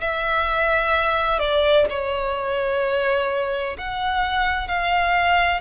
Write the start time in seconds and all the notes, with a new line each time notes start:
0.00 E5
1.38 D5
1.89 C#5
3.78 F#5
4.67 F5